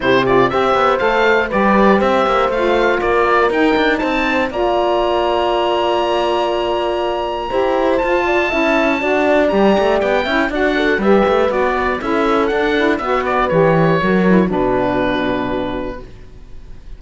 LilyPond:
<<
  \new Staff \with { instrumentName = "oboe" } { \time 4/4 \tempo 4 = 120 c''8 d''8 e''4 f''4 d''4 | e''4 f''4 d''4 g''4 | a''4 ais''2.~ | ais''1 |
a''2. ais''4 | g''4 fis''4 e''4 d''4 | e''4 fis''4 e''8 d''8 cis''4~ | cis''4 b'2. | }
  \new Staff \with { instrumentName = "horn" } { \time 4/4 g'4 c''2 b'4 | c''2 ais'2 | c''4 d''2.~ | d''2. c''4~ |
c''8 d''8 e''4 d''2~ | d''8 e''8 d''8 a'8 b'2 | a'2 b'2 | ais'4 fis'2. | }
  \new Staff \with { instrumentName = "saxophone" } { \time 4/4 e'8 f'8 g'4 a'4 g'4~ | g'4 f'2 dis'4~ | dis'4 f'2.~ | f'2. g'4 |
f'4 e'4 fis'4 g'4~ | g'8 e'8 fis'4 g'4 fis'4 | e'4 d'8 e'8 fis'4 g'4 | fis'8 e'8 d'2. | }
  \new Staff \with { instrumentName = "cello" } { \time 4/4 c4 c'8 b8 a4 g4 | c'8 ais8 a4 ais4 dis'8 d'8 | c'4 ais2.~ | ais2. e'4 |
f'4 cis'4 d'4 g8 a8 | b8 cis'8 d'4 g8 a8 b4 | cis'4 d'4 b4 e4 | fis4 b,2. | }
>>